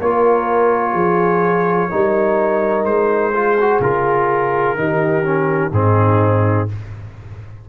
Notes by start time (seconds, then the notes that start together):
0.00 A#3 F4 A#4 C#5
0.93 F3 G#4
1.90 G3 D#4 A#4
2.85 G#3 C5
3.34 F4 G#4
3.60 F#4
3.80 C#3 F4 A#4
4.75 D#3 D#4 G4
5.23 C#4
5.72 G#2 C4 D#4 G#4